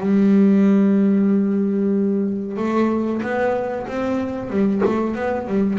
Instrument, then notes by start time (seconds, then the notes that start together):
double bass
0.00 G3
2.57 A3
3.22 B3
3.87 C4
4.50 G3
4.85 A3
5.15 B3
5.47 G3